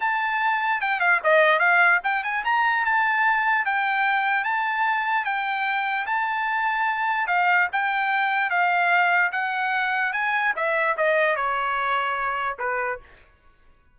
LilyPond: \new Staff \with { instrumentName = "trumpet" } { \time 4/4 \tempo 4 = 148 a''2 g''8 f''8 dis''4 | f''4 g''8 gis''8 ais''4 a''4~ | a''4 g''2 a''4~ | a''4 g''2 a''4~ |
a''2 f''4 g''4~ | g''4 f''2 fis''4~ | fis''4 gis''4 e''4 dis''4 | cis''2. b'4 | }